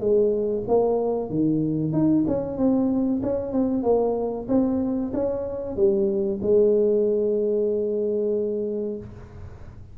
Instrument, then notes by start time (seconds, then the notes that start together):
tuba
0.00 G#3
0.68 A#3
1.30 D#3
1.93 D#4
2.27 C#4
2.57 C4
3.22 C#4
3.52 C4
3.83 A#3
4.48 C4
5.13 C#4
5.76 G3
6.42 G#3